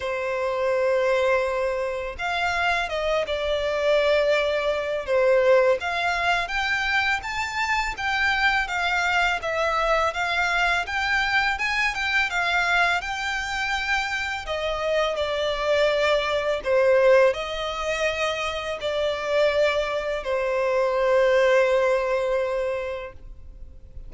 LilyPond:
\new Staff \with { instrumentName = "violin" } { \time 4/4 \tempo 4 = 83 c''2. f''4 | dis''8 d''2~ d''8 c''4 | f''4 g''4 a''4 g''4 | f''4 e''4 f''4 g''4 |
gis''8 g''8 f''4 g''2 | dis''4 d''2 c''4 | dis''2 d''2 | c''1 | }